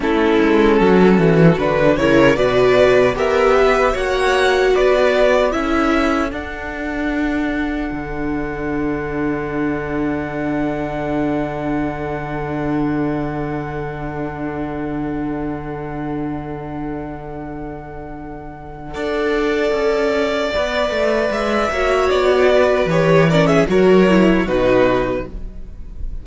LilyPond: <<
  \new Staff \with { instrumentName = "violin" } { \time 4/4 \tempo 4 = 76 a'2 b'8 cis''8 d''4 | e''4 fis''4 d''4 e''4 | fis''1~ | fis''1~ |
fis''1~ | fis''1~ | fis''2. e''4 | d''4 cis''8 d''16 e''16 cis''4 b'4 | }
  \new Staff \with { instrumentName = "violin" } { \time 4/4 e'4 fis'4. ais'8 b'4 | ais'8 b'8 cis''4 b'4 a'4~ | a'1~ | a'1~ |
a'1~ | a'1 | d''2.~ d''8 cis''8~ | cis''8 b'4 ais'16 gis'16 ais'4 fis'4 | }
  \new Staff \with { instrumentName = "viola" } { \time 4/4 cis'2 d'8 e'8 fis'4 | g'4 fis'2 e'4 | d'1~ | d'1~ |
d'1~ | d'1 | a'2 b'4. fis'8~ | fis'4 g'8 cis'8 fis'8 e'8 dis'4 | }
  \new Staff \with { instrumentName = "cello" } { \time 4/4 a8 gis8 fis8 e8 d8 cis8 b,4 | b4 ais4 b4 cis'4 | d'2 d2~ | d1~ |
d1~ | d1 | d'4 cis'4 b8 a8 gis8 ais8 | b4 e4 fis4 b,4 | }
>>